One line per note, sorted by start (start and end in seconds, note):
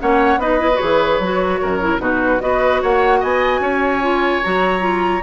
0.00 0.37 A#3
0.00 0.40 C#4
0.00 0.41 C#5
0.00 0.41 F#5
0.37 0.78 B3
0.37 0.60 D#4
0.37 1.61 B4
0.37 0.77 D#5
0.60 0.70 E4
0.75 0.81 F#4
0.75 1.98 C#5
0.81 1.20 E3
0.81 1.22 G#4
1.20 1.60 F#3
1.20 1.81 F#4
1.62 2.00 F#2
1.62 2.02 A#4
1.81 1.99 E4
1.99 2.40 B2
1.99 2.39 D#4
1.99 2.42 F#4
1.99 2.41 B4
2.41 2.83 B3
2.41 4.02 F#4
2.41 2.82 B4
2.41 2.81 D#5
2.82 3.23 A#3
2.82 3.20 C#5
2.82 3.23 F#5
3.20 3.60 B3
3.20 3.61 D#5
3.20 4.44 G#5
3.60 4.41 C#4
3.60 5.23 C#5
4.02 4.42 F4
4.44 5.23 F#3
4.44 4.81 F#4
4.44 5.23 A#5
4.81 5.21 F4